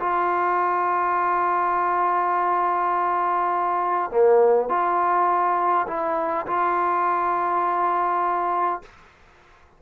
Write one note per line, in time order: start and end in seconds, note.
0.00 4.11 F4
4.11 4.69 A#3
4.69 5.87 F4
5.88 6.47 E4
6.47 8.82 F4